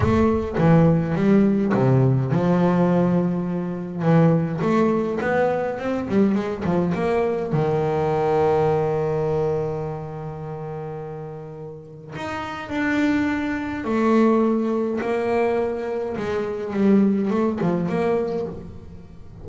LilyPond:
\new Staff \with { instrumentName = "double bass" } { \time 4/4 \tempo 4 = 104 a4 e4 g4 c4 | f2. e4 | a4 b4 c'8 g8 gis8 f8 | ais4 dis2.~ |
dis1~ | dis4 dis'4 d'2 | a2 ais2 | gis4 g4 a8 f8 ais4 | }